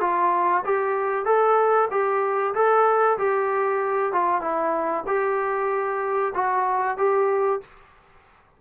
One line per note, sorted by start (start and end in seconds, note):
0.00 0.63 F4
0.64 1.25 G4
1.25 1.88 A4
1.90 2.53 G4
2.54 3.17 A4
3.18 4.12 G4
4.12 4.41 F4
4.41 5.04 E4
5.06 6.33 G4
6.34 6.97 F#4
6.97 7.60 G4